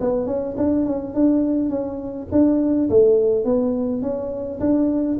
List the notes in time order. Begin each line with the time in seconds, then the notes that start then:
0.00 B3
0.26 C#4
0.57 D4
0.85 C#4
1.14 D4
1.69 C#4
2.31 D4
2.89 A3
3.45 B3
4.01 C#4
4.60 D4